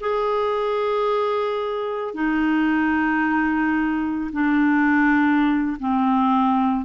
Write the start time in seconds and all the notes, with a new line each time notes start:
0.00 G#4
2.14 D#4
4.32 D4
5.79 C4